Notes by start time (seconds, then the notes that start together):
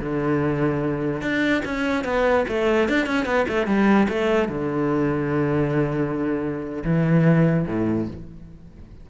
0.00 D3
1.22 D4
1.65 C#4
2.05 B3
2.49 A3
2.89 D4
3.06 C#4
3.26 B3
3.49 A3
3.67 G3
4.09 A3
4.49 D3
6.84 E3
7.67 A2